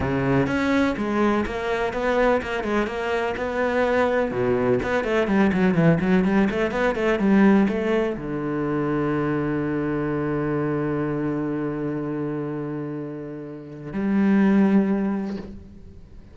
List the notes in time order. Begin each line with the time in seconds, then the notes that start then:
0.00 C#3
0.47 C#4
0.97 G#3
1.45 A#3
1.93 B3
2.42 A#3
2.63 G#3
2.86 A#3
3.36 B3
4.31 B2
4.82 B3
5.04 A3
5.27 G3
5.52 F#3
5.74 E3
6.00 F#3
6.24 G3
6.50 A3
6.71 B3
6.95 A3
7.19 G3
7.68 A3
8.16 D3
13.92 G3